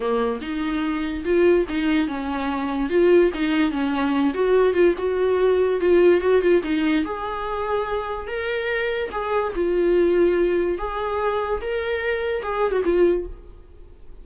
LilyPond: \new Staff \with { instrumentName = "viola" } { \time 4/4 \tempo 4 = 145 ais4 dis'2 f'4 | dis'4 cis'2 f'4 | dis'4 cis'4. fis'4 f'8 | fis'2 f'4 fis'8 f'8 |
dis'4 gis'2. | ais'2 gis'4 f'4~ | f'2 gis'2 | ais'2 gis'8. fis'16 f'4 | }